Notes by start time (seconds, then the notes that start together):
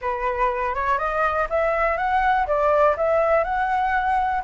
0.01 B4
0.74 C#5
0.98 D#5
1.49 E5
1.97 F#5
2.46 D5
2.96 E5
3.44 F#5